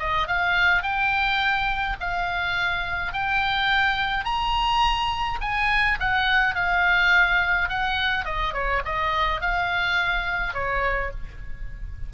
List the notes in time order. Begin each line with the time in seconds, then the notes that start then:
0.00 D#5
0.28 F5
0.83 G5
2.01 F5
3.14 G5
4.25 A#5
5.41 G#5
6.00 F#5
6.55 F5
7.70 F#5
8.25 D#5
8.54 C#5
8.85 D#5
9.42 F5
10.54 C#5